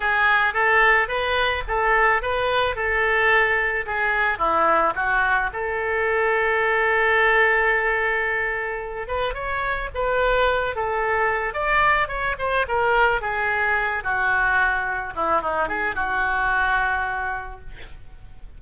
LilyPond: \new Staff \with { instrumentName = "oboe" } { \time 4/4 \tempo 4 = 109 gis'4 a'4 b'4 a'4 | b'4 a'2 gis'4 | e'4 fis'4 a'2~ | a'1~ |
a'8 b'8 cis''4 b'4. a'8~ | a'4 d''4 cis''8 c''8 ais'4 | gis'4. fis'2 e'8 | dis'8 gis'8 fis'2. | }